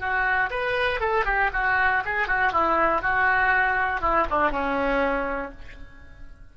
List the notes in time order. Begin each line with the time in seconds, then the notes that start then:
0.00 F#4
0.50 B4
1.00 A4
1.25 G4
1.54 F#4
2.06 G#4
2.28 F#4
2.53 E4
3.02 F#4
4.02 E4
4.31 D4
4.51 C#4